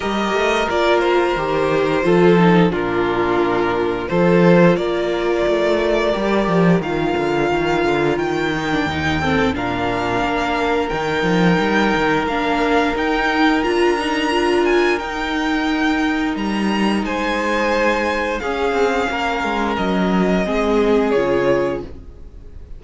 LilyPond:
<<
  \new Staff \with { instrumentName = "violin" } { \time 4/4 \tempo 4 = 88 dis''4 d''8 c''2~ c''8 | ais'2 c''4 d''4~ | d''2 f''2 | g''2 f''2 |
g''2 f''4 g''4 | ais''4. gis''8 g''2 | ais''4 gis''2 f''4~ | f''4 dis''2 cis''4 | }
  \new Staff \with { instrumentName = "violin" } { \time 4/4 ais'2. a'4 | f'2 a'4 ais'4~ | ais'1~ | ais'4. a'8 ais'2~ |
ais'1~ | ais'1~ | ais'4 c''2 gis'4 | ais'2 gis'2 | }
  \new Staff \with { instrumentName = "viola" } { \time 4/4 g'4 f'4 g'4 f'8 dis'8 | d'2 f'2~ | f'4 g'4 f'2~ | f'8 dis'16 d'16 dis'8 c'8 d'2 |
dis'2 d'4 dis'4 | f'8 dis'8 f'4 dis'2~ | dis'2. cis'4~ | cis'2 c'4 f'4 | }
  \new Staff \with { instrumentName = "cello" } { \time 4/4 g8 a8 ais4 dis4 f4 | ais,2 f4 ais4 | a4 g8 f8 dis8 d8 dis8 d8 | dis4 dis,4 ais,4 ais4 |
dis8 f8 g8 dis8 ais4 dis'4 | d'2 dis'2 | g4 gis2 cis'8 c'8 | ais8 gis8 fis4 gis4 cis4 | }
>>